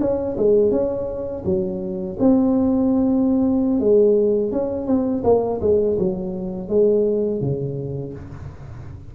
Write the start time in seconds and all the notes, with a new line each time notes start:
0.00 C#4
0.37 G#3
0.71 C#4
1.45 F#3
2.19 C4
3.80 G#3
4.52 C#4
4.87 C4
5.24 A#3
5.61 G#3
5.99 F#3
6.69 G#3
7.41 C#3